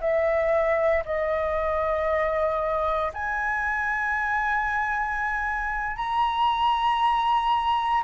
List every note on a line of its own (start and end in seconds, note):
0.00 1.03 E5
1.05 3.12 D#5
3.14 5.96 G#5
5.96 8.03 A#5